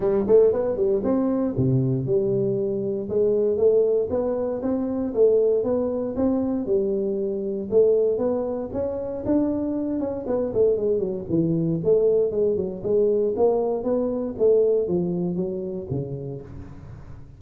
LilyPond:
\new Staff \with { instrumentName = "tuba" } { \time 4/4 \tempo 4 = 117 g8 a8 b8 g8 c'4 c4 | g2 gis4 a4 | b4 c'4 a4 b4 | c'4 g2 a4 |
b4 cis'4 d'4. cis'8 | b8 a8 gis8 fis8 e4 a4 | gis8 fis8 gis4 ais4 b4 | a4 f4 fis4 cis4 | }